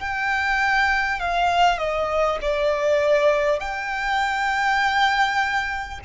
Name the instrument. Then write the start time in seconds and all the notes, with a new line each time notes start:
violin
0.00 G5
1.20 F5
1.78 D#5
2.42 D5
3.60 G5